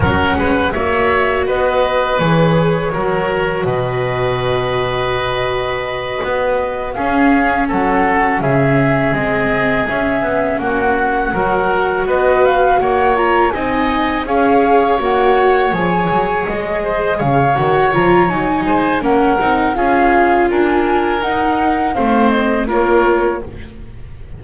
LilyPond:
<<
  \new Staff \with { instrumentName = "flute" } { \time 4/4 \tempo 4 = 82 fis''4 e''4 dis''4 cis''4~ | cis''4 dis''2.~ | dis''4. f''4 fis''4 e''8~ | e''8 dis''4 e''4 fis''4.~ |
fis''8 dis''8 f''8 fis''8 ais''8 gis''4 f''8~ | f''8 fis''4 gis''4 dis''4 f''8 | fis''8 ais''8 gis''4 fis''4 f''4 | gis''4 fis''4 f''8 dis''8 cis''4 | }
  \new Staff \with { instrumentName = "oboe" } { \time 4/4 ais'8 b'8 cis''4 b'2 | ais'4 b'2.~ | b'4. gis'4 a'4 gis'8~ | gis'2~ gis'8 fis'4 ais'8~ |
ais'8 b'4 cis''4 dis''4 cis''8~ | cis''2. c''8 cis''8~ | cis''4. c''8 ais'4 gis'4 | ais'2 c''4 ais'4 | }
  \new Staff \with { instrumentName = "viola" } { \time 4/4 cis'4 fis'2 gis'4 | fis'1~ | fis'4. cis'2~ cis'8~ | cis'8 c'4 cis'2 fis'8~ |
fis'2 f'8 dis'4 gis'8~ | gis'8 fis'4 gis'2~ gis'8 | fis'8 f'8 dis'4 cis'8 dis'8 f'4~ | f'4 dis'4 c'4 f'4 | }
  \new Staff \with { instrumentName = "double bass" } { \time 4/4 fis8 gis8 ais4 b4 e4 | fis4 b,2.~ | b,8 b4 cis'4 fis4 cis8~ | cis8 gis4 cis'8 b8 ais4 fis8~ |
fis8 b4 ais4 c'4 cis'8~ | cis'8 ais4 f8 fis8 gis4 cis8 | dis8 f8 fis8 gis8 ais8 c'8 cis'4 | d'4 dis'4 a4 ais4 | }
>>